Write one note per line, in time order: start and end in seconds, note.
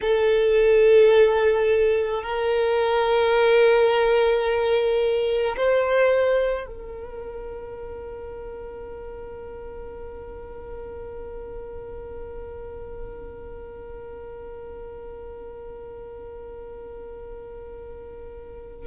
0.01 2.22 A4
2.22 5.56 A#4
5.56 6.66 C5
6.66 18.87 A#4